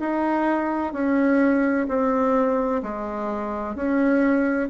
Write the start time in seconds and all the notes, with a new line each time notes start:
0.00 D#4
0.93 C#4
1.88 C4
2.83 G#3
3.75 C#4